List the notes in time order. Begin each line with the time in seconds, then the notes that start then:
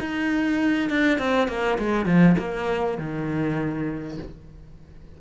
0.00 D#4
0.90 D4
1.18 C4
1.48 A#3
1.78 G#3
2.06 F3
2.38 A#3
2.98 D#3